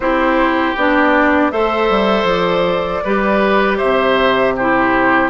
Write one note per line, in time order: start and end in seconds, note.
0.00 0.73 C4
0.00 0.77 E4
0.00 1.51 G4
0.00 0.76 C5
0.76 1.52 B3
0.76 1.51 D4
0.76 1.51 D5
1.51 1.89 A3
1.51 3.03 A4
1.51 3.03 C5
1.51 2.27 E5
1.89 2.24 G3
2.24 3.00 F3
2.24 3.78 D5
3.04 3.81 G3
3.04 4.57 G4
3.04 3.77 B4
3.77 5.29 C3
3.77 4.53 C5
3.77 4.54 E5
4.56 5.29 E4
4.56 5.29 G4
4.56 5.29 C5